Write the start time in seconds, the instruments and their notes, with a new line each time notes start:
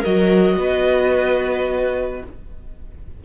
0.00 viola F#4, violin A#4 D#5
0.06 cello F#3
0.57 cello B3, violin B4